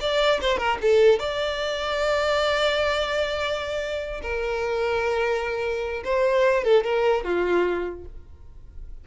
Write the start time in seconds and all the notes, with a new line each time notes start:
0.00 D5
0.40 C5
0.57 A#4
0.81 A4
1.19 D5
4.22 A#4
6.04 C5
6.64 A4
6.84 A#4
7.24 F4